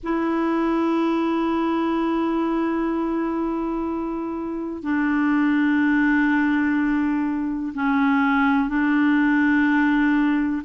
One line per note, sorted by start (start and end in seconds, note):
0.03 4.82 E4
4.82 7.72 D4
7.74 8.68 C#4
8.68 10.62 D4